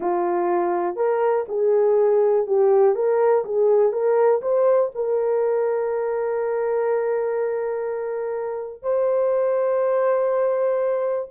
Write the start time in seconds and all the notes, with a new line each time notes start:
0.00 F4
0.96 A#4
1.48 G#4
2.46 G4
2.95 A#4
3.44 G#4
3.92 A#4
4.41 C5
4.94 A#4
8.82 C5